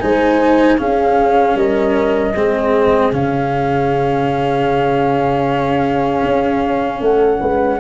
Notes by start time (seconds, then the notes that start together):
0.00 G#3 D#4 C5 G#5
0.78 C#4 G#4 F5
1.55 G3 A#4 D#5
2.35 G#3 C4 G#4
3.12 C#3 C#4 F5
6.23 C#4
7.01 A3 A4 F#5
7.40 G#3 B4